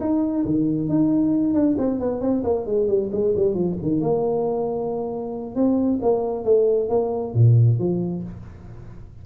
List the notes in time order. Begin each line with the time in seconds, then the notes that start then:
0.00 D#4
0.45 D#3
0.88 D#4
1.54 D4
1.78 C4
1.99 B3
2.21 C4
2.43 A#3
2.65 G#3
2.87 G3
3.12 G#3
3.36 G3
3.54 F3
3.82 D#3
4.00 A#3
5.55 C4
6.01 A#3
6.44 A3
6.89 A#3
7.34 A#2
7.78 F3